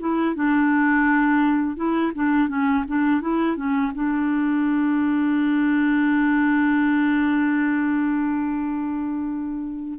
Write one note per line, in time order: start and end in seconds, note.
0.00 0.35 E4
0.35 1.77 D4
1.77 2.12 E4
2.15 2.49 D4
2.49 2.85 C#4
2.88 3.21 D4
3.21 3.56 E4
3.56 3.92 C#4
3.95 9.99 D4